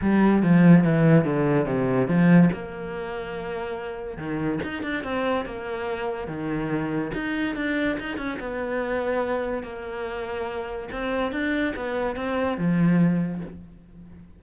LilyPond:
\new Staff \with { instrumentName = "cello" } { \time 4/4 \tempo 4 = 143 g4 f4 e4 d4 | c4 f4 ais2~ | ais2 dis4 dis'8 d'8 | c'4 ais2 dis4~ |
dis4 dis'4 d'4 dis'8 cis'8 | b2. ais4~ | ais2 c'4 d'4 | b4 c'4 f2 | }